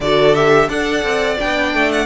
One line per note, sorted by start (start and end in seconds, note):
0.00 0.68 D3
0.00 0.35 F#4
0.00 0.68 A4
0.00 0.34 D5
0.34 0.68 G4
0.34 0.68 E5
0.68 1.03 D4
0.68 1.37 A4
0.68 2.06 D5
0.68 1.37 F#5
1.03 1.37 C4
1.38 1.73 B3
1.38 2.06 D4
1.38 1.92 G5
1.73 2.06 A3
1.92 2.06 F#5